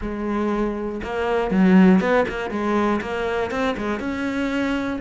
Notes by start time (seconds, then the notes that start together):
0.01 G#3
1.03 A#3
1.50 F#3
2.00 B3
2.28 A#3
2.50 G#3
3.01 A#3
3.50 C4
3.77 G#3
3.99 C#4